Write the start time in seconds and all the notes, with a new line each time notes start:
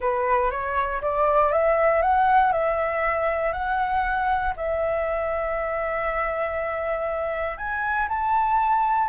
0.00 B4
0.50 C#5
1.01 D5
1.51 E5
2.02 F#5
2.52 E5
3.52 F#5
4.56 E5
7.57 G#5
8.08 A5